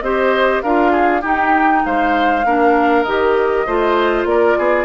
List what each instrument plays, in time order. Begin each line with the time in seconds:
0.00 bassoon C4, clarinet G4, oboe C5, flute D#5
0.61 bassoon D4, clarinet F4, oboe A#4, flute F5
0.92 oboe G#4
1.21 clarinet D#4, bassoon D#4, oboe G4, flute G5
1.85 bassoon G#3, oboe C5, flute F5
2.44 bassoon A#3, clarinet D4, oboe A#4
3.03 bassoon D#3, clarinet G4, flute D#5
3.66 bassoon A3, clarinet F4, oboe C5
4.25 bassoon A#3, oboe A#4, flute D5
4.58 bassoon B3, oboe G#4